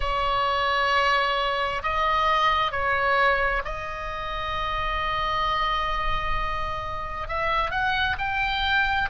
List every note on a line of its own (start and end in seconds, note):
0.00 1.82 C#5
1.82 2.71 D#5
2.71 3.62 C#5
3.64 7.28 D#5
7.28 7.70 E5
7.70 8.16 F#5
8.18 9.09 G5